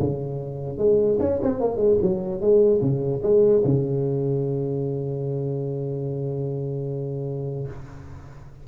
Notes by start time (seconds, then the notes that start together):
0.00 C#3
0.78 G#3
1.20 C#4
1.43 C4
1.61 A#3
1.77 G#3
2.02 F#3
2.41 G#3
2.82 C#3
3.23 G#3
3.65 C#3